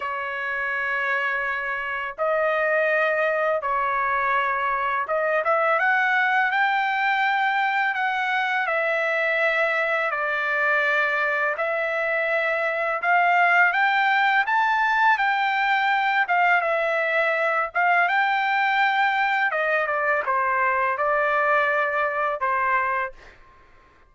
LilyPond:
\new Staff \with { instrumentName = "trumpet" } { \time 4/4 \tempo 4 = 83 cis''2. dis''4~ | dis''4 cis''2 dis''8 e''8 | fis''4 g''2 fis''4 | e''2 d''2 |
e''2 f''4 g''4 | a''4 g''4. f''8 e''4~ | e''8 f''8 g''2 dis''8 d''8 | c''4 d''2 c''4 | }